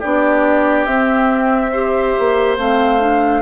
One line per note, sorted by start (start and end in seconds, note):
0.00 0.87 B3
0.00 0.87 D4
0.00 1.71 G4
0.00 0.85 D5
0.85 2.15 C4
0.85 1.73 C4
0.85 2.56 E5
1.72 2.59 G4
1.72 3.42 C5
2.19 2.58 A#3
2.58 3.42 A3
2.58 3.00 C4
2.58 3.42 F5
3.00 3.42 D4